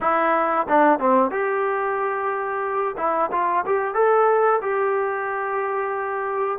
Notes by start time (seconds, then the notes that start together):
0.00 E4
0.68 D4
0.99 C4
1.30 G4
2.97 E4
3.31 F4
3.66 G4
3.94 A4
4.61 G4